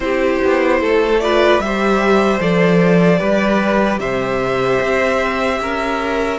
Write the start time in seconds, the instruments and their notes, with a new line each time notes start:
0.00 cello C4, viola E4, violin G4 C5
0.44 cello B3
0.81 cello A3, violin A4
1.19 viola F4, violin B4 D5
1.58 cello G3, viola G4, violin E5
1.64 violin C5
2.39 cello F3, viola A4, violin D5
3.17 cello G3, viola G4, violin B4
3.99 cello C3, violin C5 E5
4.80 cello C4
5.60 cello C#4, violin A#4